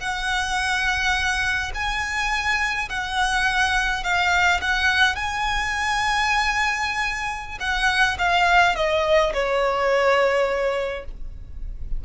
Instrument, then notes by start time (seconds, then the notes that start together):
violin
0.00 F#5
1.74 G#5
2.89 F#5
4.03 F5
4.61 F#5
5.16 G#5
7.60 F#5
8.18 F5
8.76 D#5
9.34 C#5